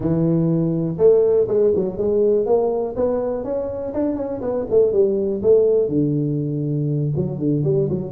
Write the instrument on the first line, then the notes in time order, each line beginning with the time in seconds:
tuba
0.00 E3
0.97 A3
1.48 G#3
1.75 F#3
1.97 G#3
2.46 A#3
2.96 B3
3.44 C#4
3.93 D4
4.16 C#4
4.41 B3
4.69 A3
4.92 G3
5.42 A3
5.88 D3
7.16 F#3
7.39 D3
7.64 G3
7.89 F#3